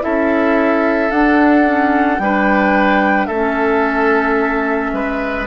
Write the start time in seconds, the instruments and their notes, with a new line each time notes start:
0.00 bassoon C#4, clarinet E4, oboe A4, flute E5
1.10 bassoon D4, clarinet D4, flute F#5
1.65 clarinet C#4
2.18 bassoon G3, clarinet D4, oboe B4, flute G5
3.26 bassoon A3, oboe A4, flute E5
3.32 clarinet C#4
4.92 bassoon G#3, oboe B4